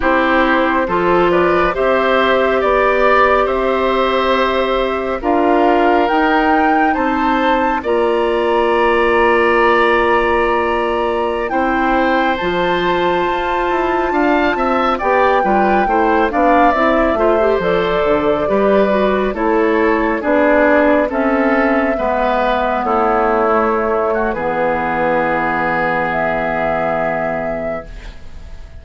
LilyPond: <<
  \new Staff \with { instrumentName = "flute" } { \time 4/4 \tempo 4 = 69 c''4. d''8 e''4 d''4 | e''2 f''4 g''4 | a''4 ais''2.~ | ais''4~ ais''16 g''4 a''4.~ a''16~ |
a''4~ a''16 g''4. f''8 e''8.~ | e''16 d''2 cis''4 d''8.~ | d''16 e''2 cis''4.~ cis''16 | b'2 e''2 | }
  \new Staff \with { instrumentName = "oboe" } { \time 4/4 g'4 a'8 b'8 c''4 d''4 | c''2 ais'2 | c''4 d''2.~ | d''4~ d''16 c''2~ c''8.~ |
c''16 f''8 e''8 d''8 b'8 c''8 d''4 c''16~ | c''4~ c''16 b'4 a'4 gis'8.~ | gis'16 a'4 b'4 e'4. fis'16 | gis'1 | }
  \new Staff \with { instrumentName = "clarinet" } { \time 4/4 e'4 f'4 g'2~ | g'2 f'4 dis'4~ | dis'4 f'2.~ | f'4~ f'16 e'4 f'4.~ f'16~ |
f'4~ f'16 g'8 f'8 e'8 d'8 e'8 f'16 | g'16 a'4 g'8 fis'8 e'4 d'8.~ | d'16 cis'4 b4.~ b16 a4 | b1 | }
  \new Staff \with { instrumentName = "bassoon" } { \time 4/4 c'4 f4 c'4 b4 | c'2 d'4 dis'4 | c'4 ais2.~ | ais4~ ais16 c'4 f4 f'8 e'16~ |
e'16 d'8 c'8 b8 g8 a8 b8 c'8 a16~ | a16 f8 d8 g4 a4 b8.~ | b16 c'4 gis4 a4.~ a16 | e1 | }
>>